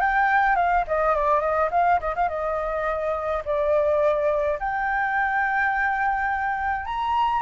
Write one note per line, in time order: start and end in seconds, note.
0.00 0.56 G5
0.56 0.84 F5
0.87 1.15 D#5
1.15 1.41 D5
1.41 1.69 D#5
1.71 1.99 F5
2.00 2.14 D#5
2.15 2.29 F5
2.29 3.43 D#5
3.45 4.59 D5
4.59 6.85 G5
6.85 7.42 A#5